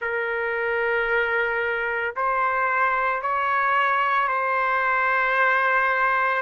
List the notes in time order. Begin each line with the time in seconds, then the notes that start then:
0.00 A#4
2.15 C5
3.21 C#5
4.28 C5